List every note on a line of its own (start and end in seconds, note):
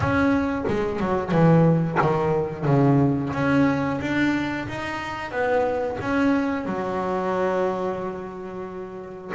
0.00 0.64 C#4
0.67 0.99 G#3
0.99 1.32 F#3
1.32 1.98 E3
2.01 2.65 D#3
2.65 3.32 C#3
3.33 3.99 C#4
4.01 4.67 D4
4.68 5.31 D#4
5.31 5.97 B3
6.00 6.65 C#4
6.65 9.32 F#3